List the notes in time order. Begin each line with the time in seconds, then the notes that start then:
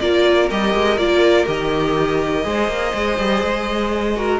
0.00 A#3 F4 A#4 D5
0.50 G3 G4 D#5
0.74 G#3
0.97 A#3 F4 D5
1.45 D#3 G4 D#5
2.43 G#3 G#4 C5
2.67 A#3
2.94 G#3
3.18 G3
3.43 G#3
4.15 F#4 A#4